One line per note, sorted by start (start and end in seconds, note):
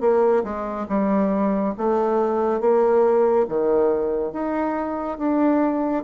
0.00 0.43 A#3
0.43 0.86 G#3
0.88 1.74 G3
1.77 2.60 A3
2.60 3.46 A#3
3.48 4.32 D#3
4.32 5.18 D#4
5.18 6.04 D4